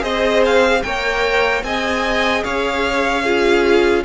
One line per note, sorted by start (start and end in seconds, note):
0.00 0.82 C4
0.00 0.80 G#4
0.00 0.82 C5
0.00 0.43 D#5
0.45 0.82 F5
0.82 1.63 A#3
0.82 1.64 A#4
0.82 1.65 C#5
0.82 1.62 G5
1.63 2.43 C4
1.63 3.24 G#4
1.63 2.44 D#5
1.63 2.44 G#5
2.44 4.04 C#4
2.44 3.23 C#5
2.44 4.04 F5
3.23 4.04 F4
3.23 4.03 G#4